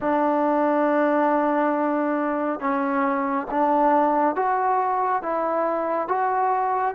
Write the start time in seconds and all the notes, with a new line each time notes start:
0.00 D4
2.60 C#4
3.50 D4
4.35 F#4
5.22 E4
6.08 F#4